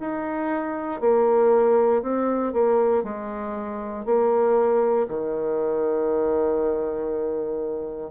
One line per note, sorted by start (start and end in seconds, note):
0.00 1.01 D#4
1.01 2.02 A#3
2.02 2.53 C4
2.53 3.04 A#3
3.04 4.05 G#3
4.06 5.08 A#3
5.08 8.11 D#3